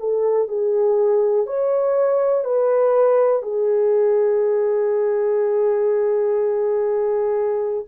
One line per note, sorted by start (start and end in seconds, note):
0.00 0.48 A4
0.48 1.46 G#4
1.47 2.45 C#5
2.45 3.42 B4
3.42 7.85 G#4